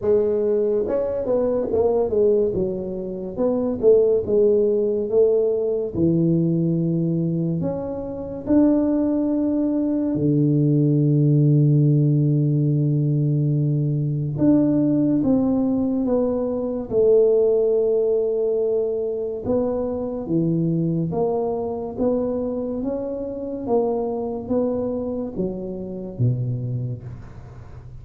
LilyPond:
\new Staff \with { instrumentName = "tuba" } { \time 4/4 \tempo 4 = 71 gis4 cis'8 b8 ais8 gis8 fis4 | b8 a8 gis4 a4 e4~ | e4 cis'4 d'2 | d1~ |
d4 d'4 c'4 b4 | a2. b4 | e4 ais4 b4 cis'4 | ais4 b4 fis4 b,4 | }